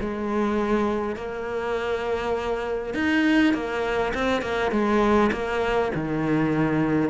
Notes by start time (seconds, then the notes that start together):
0.00 G#3
1.16 A#3
2.94 D#4
3.53 A#3
4.14 C4
4.41 A#3
4.71 G#3
5.32 A#3
5.94 D#3